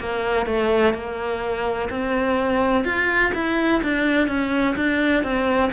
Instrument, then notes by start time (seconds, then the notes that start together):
cello
0.00 A#3
0.46 A3
0.94 A#3
1.90 C4
2.85 F4
3.34 E4
3.84 D4
4.28 C#4
4.76 D4
5.24 C4